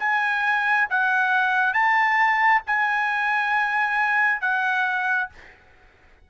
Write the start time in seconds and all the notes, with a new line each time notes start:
0.00 G#5
0.90 F#5
1.74 A5
2.67 G#5
4.42 F#5